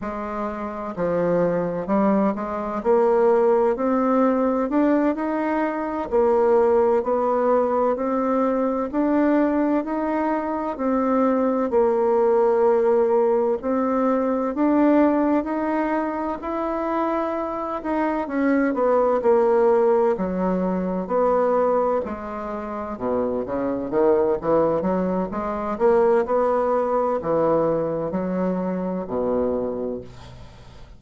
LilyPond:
\new Staff \with { instrumentName = "bassoon" } { \time 4/4 \tempo 4 = 64 gis4 f4 g8 gis8 ais4 | c'4 d'8 dis'4 ais4 b8~ | b8 c'4 d'4 dis'4 c'8~ | c'8 ais2 c'4 d'8~ |
d'8 dis'4 e'4. dis'8 cis'8 | b8 ais4 fis4 b4 gis8~ | gis8 b,8 cis8 dis8 e8 fis8 gis8 ais8 | b4 e4 fis4 b,4 | }